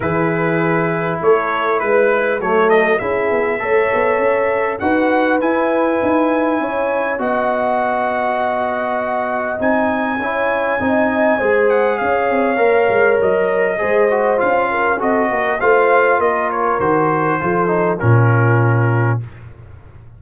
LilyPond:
<<
  \new Staff \with { instrumentName = "trumpet" } { \time 4/4 \tempo 4 = 100 b'2 cis''4 b'4 | cis''8 dis''8 e''2. | fis''4 gis''2. | fis''1 |
gis''2.~ gis''8 fis''8 | f''2 dis''2 | f''4 dis''4 f''4 dis''8 cis''8 | c''2 ais'2 | }
  \new Staff \with { instrumentName = "horn" } { \time 4/4 gis'2 a'4 b'4 | a'4 gis'4 cis''2 | b'2. cis''4 | dis''1~ |
dis''4 cis''4 dis''4 c''4 | cis''2. c''4~ | c''8 ais'8 a'8 ais'8 c''4 ais'4~ | ais'4 a'4 f'2 | }
  \new Staff \with { instrumentName = "trombone" } { \time 4/4 e'1 | a4 e'4 a'2 | fis'4 e'2. | fis'1 |
dis'4 e'4 dis'4 gis'4~ | gis'4 ais'2 gis'8 fis'8 | f'4 fis'4 f'2 | fis'4 f'8 dis'8 cis'2 | }
  \new Staff \with { instrumentName = "tuba" } { \time 4/4 e2 a4 gis4 | fis4 cis'8 b8 a8 b8 cis'4 | dis'4 e'4 dis'4 cis'4 | b1 |
c'4 cis'4 c'4 gis4 | cis'8 c'8 ais8 gis8 fis4 gis4 | cis'4 c'8 ais8 a4 ais4 | dis4 f4 ais,2 | }
>>